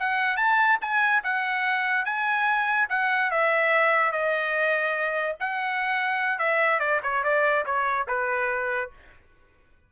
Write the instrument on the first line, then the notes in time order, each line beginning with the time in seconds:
trumpet
0.00 F#5
0.37 A5
0.82 G#5
1.24 F#5
2.05 G#5
2.90 F#5
3.31 E5
4.12 D#5
5.40 F#5
6.39 E5
6.80 D5
7.03 C#5
7.24 D5
7.66 C#5
8.08 B4